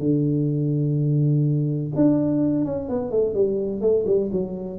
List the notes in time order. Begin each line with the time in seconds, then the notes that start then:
0.00 D3
1.95 D4
2.65 C#4
2.89 B3
3.11 A3
3.34 G3
3.81 A3
4.06 G3
4.32 F#3